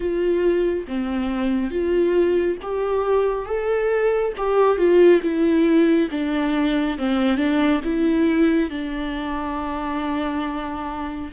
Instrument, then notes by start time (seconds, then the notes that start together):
viola
0.00 F4
0.87 C4
1.70 F4
2.61 G4
3.45 A4
4.37 G4
4.77 F4
5.22 E4
6.10 D4
6.98 C4
7.37 D4
7.84 E4
8.70 D4